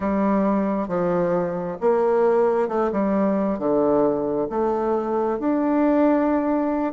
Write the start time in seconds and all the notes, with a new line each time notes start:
0.00 G3
0.88 F3
1.80 A#3
2.68 A3
2.92 G3
3.58 D3
4.49 A3
5.39 D4